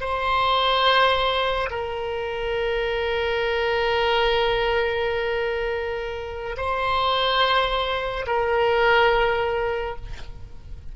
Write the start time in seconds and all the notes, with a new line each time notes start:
0.00 C5
1.70 A#4
6.56 C5
8.26 A#4